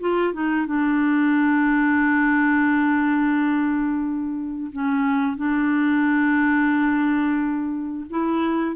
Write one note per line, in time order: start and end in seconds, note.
0.00 0.33 F4
0.33 0.66 D#4
0.66 4.71 D4
4.72 5.37 C#4
5.37 8.06 D4
8.10 8.75 E4